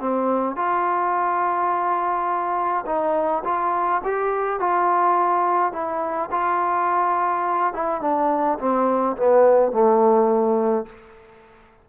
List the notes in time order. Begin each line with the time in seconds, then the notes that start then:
0.00 C4
0.56 F4
2.86 D#4
3.45 F4
4.04 G4
4.60 F4
5.72 E4
6.31 F4
7.74 E4
8.01 D4
8.59 C4
9.17 B3
9.72 A3